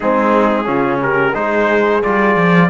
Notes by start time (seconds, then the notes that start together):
0.00 G#3 C4 D#4 G#4
0.64 C#3 C#4 F4
1.01 G4 A#4
1.34 G#3 D#4 G#4 C5
2.02 G3 F4 D5
2.36 F3